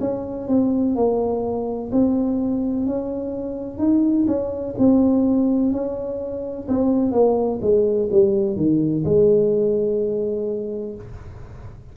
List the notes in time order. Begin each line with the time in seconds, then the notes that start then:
0.00 C#4
0.48 C4
0.95 A#3
1.91 C4
2.86 C#4
3.78 D#4
4.27 C#4
4.78 C4
5.72 C#4
6.68 C4
7.11 A#3
7.61 G#3
8.11 G3
8.56 D#3
9.04 G#3